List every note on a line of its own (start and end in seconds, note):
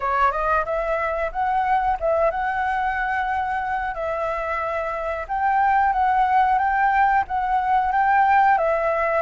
0.00 0.31 C#5
0.31 0.64 D#5
0.65 1.31 E5
1.32 1.98 F#5
2.00 2.30 E5
2.30 3.94 F#5
3.94 5.26 E5
5.28 5.92 G5
5.92 6.58 F#5
6.58 7.24 G5
7.27 7.92 F#5
7.92 8.57 G5
8.57 9.21 E5